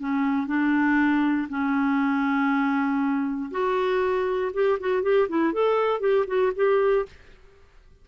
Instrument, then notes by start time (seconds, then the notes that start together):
clarinet
0.00 C#4
0.47 D4
1.49 C#4
3.51 F#4
4.53 G4
4.80 F#4
5.03 G4
5.28 E4
5.53 A4
6.00 G4
6.27 F#4
6.56 G4